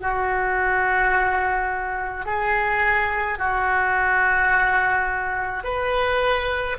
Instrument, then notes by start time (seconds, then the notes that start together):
oboe
0.00 F#4
2.25 G#4
3.38 F#4
5.63 B4